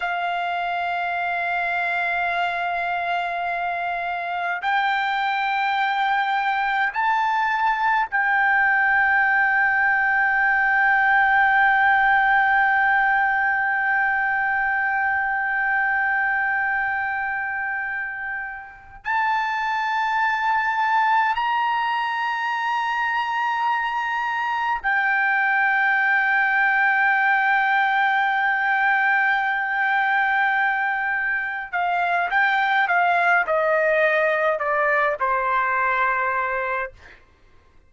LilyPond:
\new Staff \with { instrumentName = "trumpet" } { \time 4/4 \tempo 4 = 52 f''1 | g''2 a''4 g''4~ | g''1~ | g''1~ |
g''8 a''2 ais''4.~ | ais''4. g''2~ g''8~ | g''2.~ g''8 f''8 | g''8 f''8 dis''4 d''8 c''4. | }